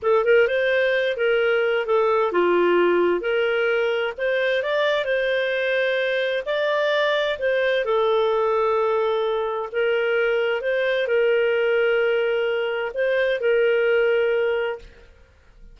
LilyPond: \new Staff \with { instrumentName = "clarinet" } { \time 4/4 \tempo 4 = 130 a'8 ais'8 c''4. ais'4. | a'4 f'2 ais'4~ | ais'4 c''4 d''4 c''4~ | c''2 d''2 |
c''4 a'2.~ | a'4 ais'2 c''4 | ais'1 | c''4 ais'2. | }